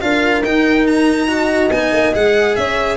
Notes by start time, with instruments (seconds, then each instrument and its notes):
0.00 tuba D4, cello F4, horn A#4, violin F5
0.42 tuba D#4, cello D#4, violin G5
0.87 violin A#5
1.27 cello F#4, horn D#5
1.70 tuba B3, cello D#4, violin G#5
1.92 tuba A#3
2.12 tuba G#3, cello G#4, violin F#5
2.55 tuba C#4, horn C#5, violin E5